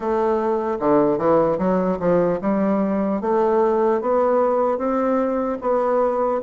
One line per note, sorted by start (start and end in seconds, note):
0.00 0.77 A3
0.79 1.17 D3
1.17 1.57 E3
1.58 1.98 F#3
1.99 2.39 F3
2.41 3.21 G3
3.21 4.01 A3
4.01 4.77 B3
4.77 5.57 C4
5.61 6.41 B3